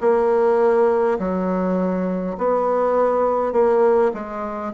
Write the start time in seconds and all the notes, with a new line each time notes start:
0.00 A#3
1.19 F#3
2.37 B3
3.52 A#3
4.13 G#3